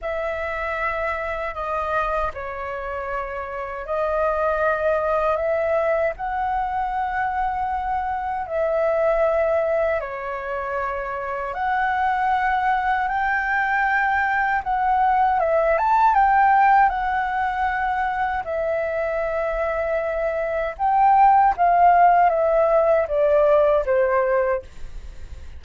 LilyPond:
\new Staff \with { instrumentName = "flute" } { \time 4/4 \tempo 4 = 78 e''2 dis''4 cis''4~ | cis''4 dis''2 e''4 | fis''2. e''4~ | e''4 cis''2 fis''4~ |
fis''4 g''2 fis''4 | e''8 a''8 g''4 fis''2 | e''2. g''4 | f''4 e''4 d''4 c''4 | }